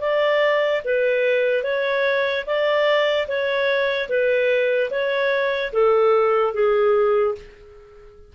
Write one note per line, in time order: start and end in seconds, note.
0.00 0.81 D5
0.84 1.63 B4
1.63 2.44 C#5
2.45 3.27 D5
3.27 4.08 C#5
4.09 4.90 B4
4.91 5.72 C#5
5.72 6.53 A4
6.53 7.35 G#4